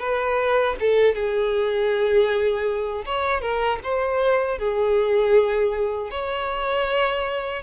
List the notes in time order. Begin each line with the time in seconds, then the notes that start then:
0.00 B4
0.80 A4
1.15 G#4
3.06 C#5
3.41 A#4
3.84 C5
4.59 G#4
6.10 C#5